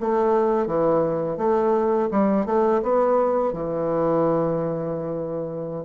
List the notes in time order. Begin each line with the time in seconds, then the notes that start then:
0.00 A3
0.67 E3
1.37 A3
2.11 G3
2.45 A3
2.82 B3
3.53 E3